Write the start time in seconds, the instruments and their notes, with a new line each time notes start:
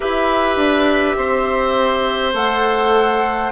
0.00 bassoon E4, clarinet G4, oboe B4, flute E5
0.56 bassoon D4
1.16 bassoon C4, oboe C5
2.33 bassoon A3, clarinet A4, flute F#5